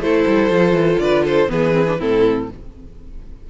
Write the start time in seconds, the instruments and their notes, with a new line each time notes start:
0.00 cello A3, viola E4, violin A4 C5
0.27 cello G3
0.51 cello F3, viola F4
0.73 cello E3
0.99 cello D3, violin B4 D5
1.25 violin A4 C5
1.48 cello E3, viola B3, violin G#4 B4
1.72 viola C4
1.88 viola D4
1.99 cello A2, viola C4, violin E4 A4